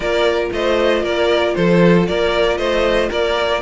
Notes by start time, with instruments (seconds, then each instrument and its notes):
0.00 cello A#3, viola F4, violin A#4 D5
0.52 cello A3, violin C5 D#5
1.02 cello A#3, violin A#4 D5
1.54 cello F3, violin A4 C5
2.07 cello A#3, violin A#4 D5
2.57 cello A3, violin C5 D#5
3.09 cello A#3, violin A#4 D5